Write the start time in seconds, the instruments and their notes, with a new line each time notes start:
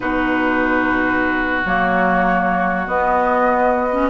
0.00 bassoon B2, clarinet D#4, oboe F#4, flute B4
1.65 bassoon F#3, clarinet A#3, flute C#5
2.86 bassoon B3, clarinet B3, flute D#5
3.91 clarinet C#4